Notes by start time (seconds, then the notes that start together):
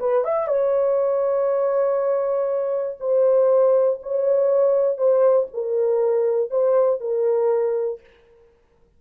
0.00 B4
0.25 E5
0.48 C#5
3.00 C5
4.03 C#5
4.98 C5
5.54 A#4
6.51 C5
7.01 A#4